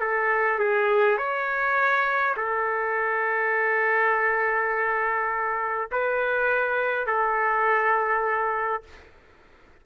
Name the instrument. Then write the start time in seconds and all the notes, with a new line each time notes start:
trumpet
0.00 A4
0.59 G#4
1.18 C#5
2.36 A4
5.91 B4
7.06 A4